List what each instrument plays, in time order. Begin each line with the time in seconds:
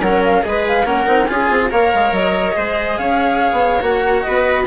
0.00 bassoon F#3, cello C#4, viola A#4, flute F#5
0.24 flute F5
0.42 bassoon G#3, cello G#4, flute D#5
0.48 viola B4
0.67 flute F5
0.84 bassoon A#3, cello C#4, viola A#4, flute F#5
1.06 bassoon C4, cello D#4
1.26 bassoon C#4, cello F4, viola G#4, flute G#5
1.49 bassoon C4
1.69 bassoon A#3, cello A#4, viola C#5, flute F5
1.93 bassoon G#3
2.12 bassoon F#3, flute D#5
2.52 bassoon G#3, cello G#4, viola C5
2.97 bassoon C#4, viola C#5, flute F5
3.52 bassoon B3
3.80 bassoon A#3, cello F#4, flute F#5
4.21 bassoon B3, viola B4, flute D#5